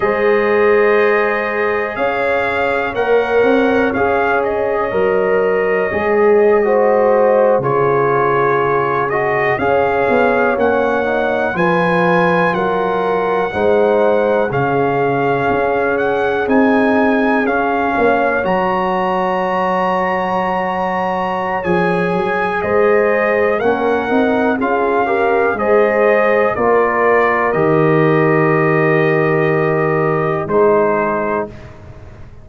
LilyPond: <<
  \new Staff \with { instrumentName = "trumpet" } { \time 4/4 \tempo 4 = 61 dis''2 f''4 fis''4 | f''8 dis''2.~ dis''16 cis''16~ | cis''4~ cis''16 dis''8 f''4 fis''4 gis''16~ | gis''8. fis''2 f''4~ f''16~ |
f''16 fis''8 gis''4 f''4 ais''4~ ais''16~ | ais''2 gis''4 dis''4 | fis''4 f''4 dis''4 d''4 | dis''2. c''4 | }
  \new Staff \with { instrumentName = "horn" } { \time 4/4 c''2 cis''2~ | cis''2~ cis''8. c''4 gis'16~ | gis'4.~ gis'16 cis''2 b'16~ | b'8. ais'4 c''4 gis'4~ gis'16~ |
gis'2~ gis'16 cis''4.~ cis''16~ | cis''2. c''4 | ais'4 gis'8 ais'8 c''4 ais'4~ | ais'2. gis'4 | }
  \new Staff \with { instrumentName = "trombone" } { \time 4/4 gis'2. ais'4 | gis'4 ais'4 gis'8. fis'4 f'16~ | f'4~ f'16 fis'8 gis'4 cis'8 dis'8 f'16~ | f'4.~ f'16 dis'4 cis'4~ cis'16~ |
cis'8. dis'4 cis'4 fis'4~ fis'16~ | fis'2 gis'2 | cis'8 dis'8 f'8 g'8 gis'4 f'4 | g'2. dis'4 | }
  \new Staff \with { instrumentName = "tuba" } { \time 4/4 gis2 cis'4 ais8 c'8 | cis'4 fis4 gis4.~ gis16 cis16~ | cis4.~ cis16 cis'8 b8 ais4 f16~ | f8. fis4 gis4 cis4 cis'16~ |
cis'8. c'4 cis'8 ais8 fis4~ fis16~ | fis2 f8 fis8 gis4 | ais8 c'8 cis'4 gis4 ais4 | dis2. gis4 | }
>>